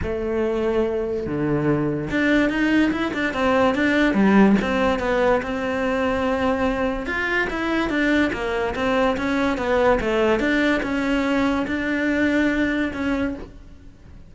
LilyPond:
\new Staff \with { instrumentName = "cello" } { \time 4/4 \tempo 4 = 144 a2. d4~ | d4 d'4 dis'4 e'8 d'8 | c'4 d'4 g4 c'4 | b4 c'2.~ |
c'4 f'4 e'4 d'4 | ais4 c'4 cis'4 b4 | a4 d'4 cis'2 | d'2. cis'4 | }